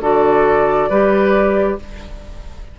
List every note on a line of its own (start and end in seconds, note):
0.00 0.88 D3
0.00 0.90 F#4
0.00 0.89 A4
0.00 1.78 D5
0.89 1.77 G3
0.89 1.79 G4
0.89 1.77 B4